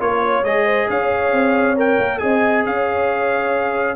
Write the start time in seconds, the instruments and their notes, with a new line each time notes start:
0.00 tuba A#3, trombone F4, horn A#4, trumpet C#5
0.22 horn C#5
0.44 tuba G#3, trombone G#4, trumpet D#5
0.65 horn C5
0.90 tuba C#4, horn C#5, trumpet F5
1.32 tuba C4
1.76 trombone A#4, trumpet G5
1.99 tuba A#3
2.19 tuba C4, trombone G#4, horn D#5, trumpet G#5
2.66 tuba C#4, horn C#5, trumpet F5